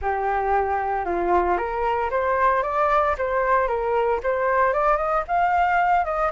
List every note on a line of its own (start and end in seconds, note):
0.01 1.05 G4
1.05 1.57 F4
1.57 2.10 A#4
2.10 2.62 C5
2.62 3.15 D5
3.17 3.67 C5
3.67 4.20 A#4
4.23 4.73 C5
4.73 4.97 D5
4.97 5.23 D#5
5.27 6.04 F5
6.04 6.31 D#5